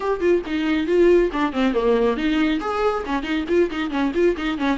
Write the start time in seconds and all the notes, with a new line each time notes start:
0.00 G4
0.20 F4
0.46 D#4
0.86 F4
1.32 D4
1.52 C4
1.73 A#3
2.16 D#4
2.60 G#4
3.05 C#4
3.23 D#4
3.48 F4
3.71 D#4
3.90 C#4
4.14 F4
4.36 D#4
4.58 C#4